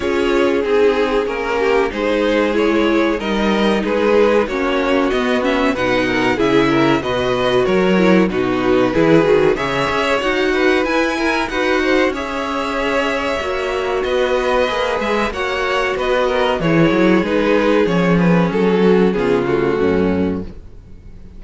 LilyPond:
<<
  \new Staff \with { instrumentName = "violin" } { \time 4/4 \tempo 4 = 94 cis''4 gis'4 ais'4 c''4 | cis''4 dis''4 b'4 cis''4 | dis''8 e''8 fis''4 e''4 dis''4 | cis''4 b'2 e''4 |
fis''4 gis''4 fis''4 e''4~ | e''2 dis''4. e''8 | fis''4 dis''4 cis''4 b'4 | cis''8 b'8 a'4 gis'8 fis'4. | }
  \new Staff \with { instrumentName = "violin" } { \time 4/4 gis'2~ gis'8 g'8 gis'4~ | gis'4 ais'4 gis'4 fis'4~ | fis'4 b'8 ais'8 gis'8 ais'8 b'4 | ais'4 fis'4 gis'4 cis''4~ |
cis''8 b'4 ais'8 b'8 c''8 cis''4~ | cis''2 b'2 | cis''4 b'8 ais'8 gis'2~ | gis'4. fis'8 f'4 cis'4 | }
  \new Staff \with { instrumentName = "viola" } { \time 4/4 f'4 dis'4 cis'4 dis'4 | e'4 dis'2 cis'4 | b8 cis'8 dis'4 e'4 fis'4~ | fis'8 e'8 dis'4 e'8 fis'8 gis'4 |
fis'4 e'4 fis'4 gis'4~ | gis'4 fis'2 gis'4 | fis'2 e'4 dis'4 | cis'2 b8 a4. | }
  \new Staff \with { instrumentName = "cello" } { \time 4/4 cis'4 c'4 ais4 gis4~ | gis4 g4 gis4 ais4 | b4 b,4 cis4 b,4 | fis4 b,4 e8 dis8 cis8 cis'8 |
dis'4 e'4 dis'4 cis'4~ | cis'4 ais4 b4 ais8 gis8 | ais4 b4 e8 fis8 gis4 | f4 fis4 cis4 fis,4 | }
>>